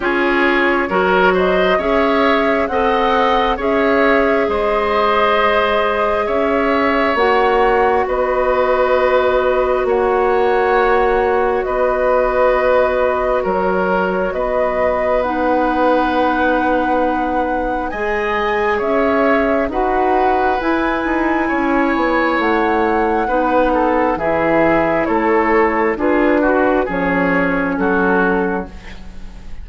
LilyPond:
<<
  \new Staff \with { instrumentName = "flute" } { \time 4/4 \tempo 4 = 67 cis''4. dis''8 e''4 fis''4 | e''4 dis''2 e''4 | fis''4 dis''2 fis''4~ | fis''4 dis''2 cis''4 |
dis''4 fis''2. | gis''4 e''4 fis''4 gis''4~ | gis''4 fis''2 e''4 | cis''4 b'4 cis''4 a'4 | }
  \new Staff \with { instrumentName = "oboe" } { \time 4/4 gis'4 ais'8 c''8 cis''4 dis''4 | cis''4 c''2 cis''4~ | cis''4 b'2 cis''4~ | cis''4 b'2 ais'4 |
b'1 | dis''4 cis''4 b'2 | cis''2 b'8 a'8 gis'4 | a'4 gis'8 fis'8 gis'4 fis'4 | }
  \new Staff \with { instrumentName = "clarinet" } { \time 4/4 f'4 fis'4 gis'4 a'4 | gis'1 | fis'1~ | fis'1~ |
fis'4 dis'2. | gis'2 fis'4 e'4~ | e'2 dis'4 e'4~ | e'4 f'8 fis'8 cis'2 | }
  \new Staff \with { instrumentName = "bassoon" } { \time 4/4 cis'4 fis4 cis'4 c'4 | cis'4 gis2 cis'4 | ais4 b2 ais4~ | ais4 b2 fis4 |
b1 | gis4 cis'4 dis'4 e'8 dis'8 | cis'8 b8 a4 b4 e4 | a4 d'4 f4 fis4 | }
>>